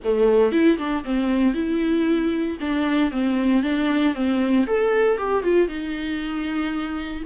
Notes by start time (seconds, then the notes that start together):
0.04 A3
0.51 E4
0.78 D4
1.04 C4
1.54 E4
2.60 D4
3.11 C4
3.63 D4
4.14 C4
4.67 A4
5.17 G4
5.43 F4
5.68 D#4